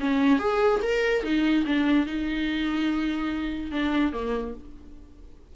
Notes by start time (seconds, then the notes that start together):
0.00 C#4
0.39 G#4
0.82 A#4
1.23 D#4
1.66 D4
2.06 D#4
3.71 D4
4.12 A#3